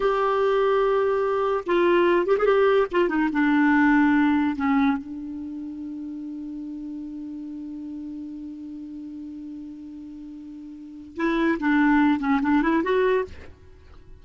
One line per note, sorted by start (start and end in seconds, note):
0.00 1.63 G4
1.66 2.26 F4
2.26 2.36 G4
2.38 2.45 G#4
2.45 2.87 G4
2.91 3.08 F4
3.08 3.29 D#4
3.32 4.56 D4
4.56 4.97 C#4
4.97 11.16 D4
11.16 11.57 E4
11.59 12.19 D4
12.19 12.40 C#4
12.42 12.62 D4
12.62 12.83 E4
12.83 13.24 F#4